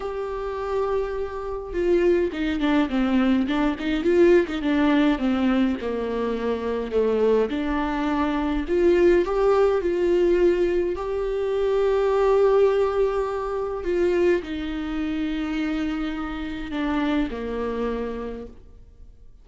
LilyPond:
\new Staff \with { instrumentName = "viola" } { \time 4/4 \tempo 4 = 104 g'2. f'4 | dis'8 d'8 c'4 d'8 dis'8 f'8. dis'16 | d'4 c'4 ais2 | a4 d'2 f'4 |
g'4 f'2 g'4~ | g'1 | f'4 dis'2.~ | dis'4 d'4 ais2 | }